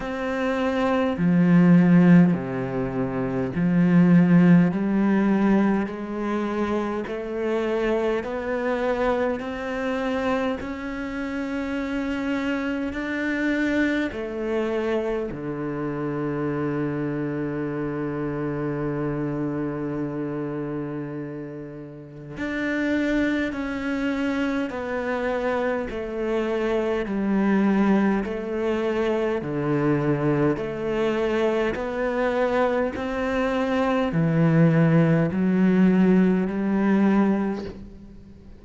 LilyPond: \new Staff \with { instrumentName = "cello" } { \time 4/4 \tempo 4 = 51 c'4 f4 c4 f4 | g4 gis4 a4 b4 | c'4 cis'2 d'4 | a4 d2.~ |
d2. d'4 | cis'4 b4 a4 g4 | a4 d4 a4 b4 | c'4 e4 fis4 g4 | }